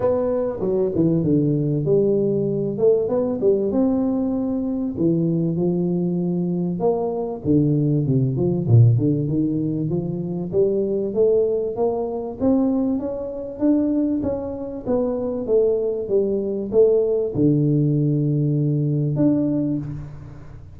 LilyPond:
\new Staff \with { instrumentName = "tuba" } { \time 4/4 \tempo 4 = 97 b4 fis8 e8 d4 g4~ | g8 a8 b8 g8 c'2 | e4 f2 ais4 | d4 c8 f8 ais,8 d8 dis4 |
f4 g4 a4 ais4 | c'4 cis'4 d'4 cis'4 | b4 a4 g4 a4 | d2. d'4 | }